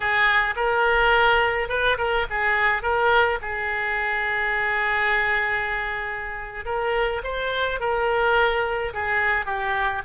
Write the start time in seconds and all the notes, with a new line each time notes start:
0.00 G#4
0.55 A#4
1.69 B4
1.97 A#4
2.30 G#4
2.82 A#4
3.41 G#4
6.65 A#4
7.23 C5
7.80 A#4
8.93 G#4
9.45 G4